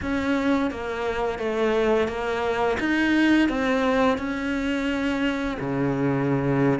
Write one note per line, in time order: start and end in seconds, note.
0.02 0.70 C#4
0.70 1.38 A#3
1.38 2.07 A3
2.07 2.77 A#3
2.79 3.48 D#4
3.48 4.18 C4
4.18 5.57 C#4
5.59 6.79 C#3